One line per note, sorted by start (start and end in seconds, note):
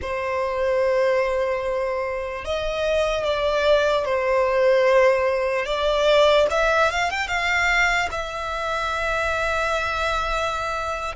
0.01 2.44 C5
2.44 3.24 D#5
3.24 4.05 D5
4.05 5.65 C5
5.65 6.46 D5
6.50 6.90 E5
6.91 7.10 F5
7.10 7.28 G5
7.28 8.09 F5
8.11 11.15 E5